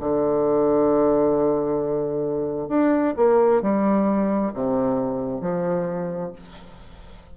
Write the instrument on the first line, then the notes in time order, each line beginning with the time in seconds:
bassoon
0.00 D3
2.69 D4
3.17 A#3
3.62 G3
4.54 C3
5.41 F3